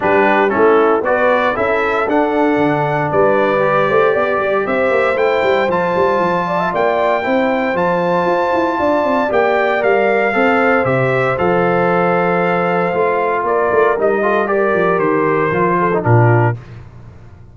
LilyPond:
<<
  \new Staff \with { instrumentName = "trumpet" } { \time 4/4 \tempo 4 = 116 b'4 a'4 d''4 e''4 | fis''2 d''2~ | d''4 e''4 g''4 a''4~ | a''4 g''2 a''4~ |
a''2 g''4 f''4~ | f''4 e''4 f''2~ | f''2 d''4 dis''4 | d''4 c''2 ais'4 | }
  \new Staff \with { instrumentName = "horn" } { \time 4/4 g'4 e'4 b'4 a'4~ | a'2 b'4. c''8 | d''4 c''2.~ | c''8 d''16 e''16 d''4 c''2~ |
c''4 d''2. | c''1~ | c''2 ais'4. a'8 | ais'2~ ais'8 a'8 f'4 | }
  \new Staff \with { instrumentName = "trombone" } { \time 4/4 d'4 cis'4 fis'4 e'4 | d'2. g'4~ | g'2 e'4 f'4~ | f'2 e'4 f'4~ |
f'2 g'4 ais'4 | a'4 g'4 a'2~ | a'4 f'2 dis'8 f'8 | g'2 f'8. dis'16 d'4 | }
  \new Staff \with { instrumentName = "tuba" } { \time 4/4 g4 a4 b4 cis'4 | d'4 d4 g4. a8 | b8 g8 c'8 ais8 a8 g8 f8 g8 | f4 ais4 c'4 f4 |
f'8 e'8 d'8 c'8 ais4 g4 | c'4 c4 f2~ | f4 a4 ais8 a8 g4~ | g8 f8 dis4 f4 ais,4 | }
>>